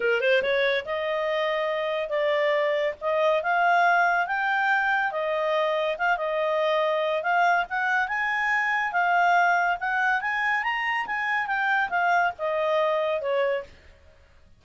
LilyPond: \new Staff \with { instrumentName = "clarinet" } { \time 4/4 \tempo 4 = 141 ais'8 c''8 cis''4 dis''2~ | dis''4 d''2 dis''4 | f''2 g''2 | dis''2 f''8 dis''4.~ |
dis''4 f''4 fis''4 gis''4~ | gis''4 f''2 fis''4 | gis''4 ais''4 gis''4 g''4 | f''4 dis''2 cis''4 | }